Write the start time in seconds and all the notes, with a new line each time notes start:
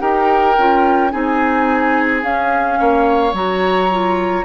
0.00 D#4 G4 A#4 G5
0.58 C#4 F4
1.11 C4 D#4 G#4 G#5
2.22 C#4 F5
2.79 A#3 C#5
3.33 F#3 F#4 A#5
3.92 F4